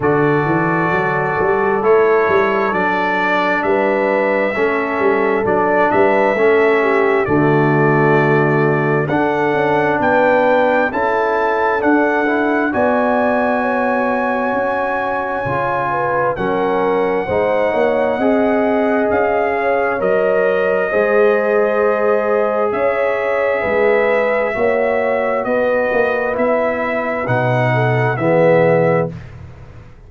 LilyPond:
<<
  \new Staff \with { instrumentName = "trumpet" } { \time 4/4 \tempo 4 = 66 d''2 cis''4 d''4 | e''2 d''8 e''4. | d''2 fis''4 g''4 | a''4 fis''4 gis''2~ |
gis''2 fis''2~ | fis''4 f''4 dis''2~ | dis''4 e''2. | dis''4 e''4 fis''4 e''4 | }
  \new Staff \with { instrumentName = "horn" } { \time 4/4 a'1 | b'4 a'4. b'8 a'8 g'8 | fis'2 a'4 b'4 | a'2 d''4 cis''4~ |
cis''4. b'8 ais'4 c''8 cis''8 | dis''4. cis''4. c''4~ | c''4 cis''4 b'4 cis''4 | b'2~ b'8 a'8 gis'4 | }
  \new Staff \with { instrumentName = "trombone" } { \time 4/4 fis'2 e'4 d'4~ | d'4 cis'4 d'4 cis'4 | a2 d'2 | e'4 d'8 e'8 fis'2~ |
fis'4 f'4 cis'4 dis'4 | gis'2 ais'4 gis'4~ | gis'2. fis'4~ | fis'4 e'4 dis'4 b4 | }
  \new Staff \with { instrumentName = "tuba" } { \time 4/4 d8 e8 fis8 g8 a8 g8 fis4 | g4 a8 g8 fis8 g8 a4 | d2 d'8 cis'8 b4 | cis'4 d'4 b2 |
cis'4 cis4 fis4 gis8 ais8 | c'4 cis'4 fis4 gis4~ | gis4 cis'4 gis4 ais4 | b8 ais8 b4 b,4 e4 | }
>>